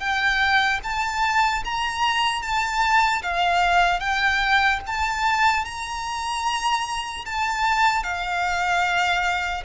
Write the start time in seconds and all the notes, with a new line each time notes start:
0.00 G5
0.84 A5
1.65 A#5
2.43 A5
3.23 F5
4.00 G5
4.87 A5
5.65 A#5
7.25 A5
8.04 F5